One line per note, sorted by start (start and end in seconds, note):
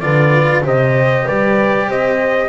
0.00 0.64 D3
0.00 0.63 F4
0.00 0.64 B4
0.00 0.62 D5
0.63 1.26 C3
0.63 2.49 G4
0.63 1.25 C5
0.63 1.28 D#5
1.25 1.88 G3
1.25 1.87 B4
1.25 1.89 D5
1.88 2.49 C4
1.88 2.49 C5
1.88 2.49 D#5